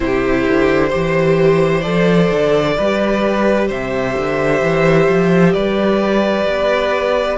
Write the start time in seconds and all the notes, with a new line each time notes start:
0.00 C3 E4 G4 C5
0.47 D3
0.89 E3 G4 C5
1.80 F3 A4 D5
2.30 D3
2.77 G3 G4 B4
3.67 C3 C5 E5
4.17 D3
4.61 E3
5.08 F3
5.53 G3 B4 D5
6.46 B3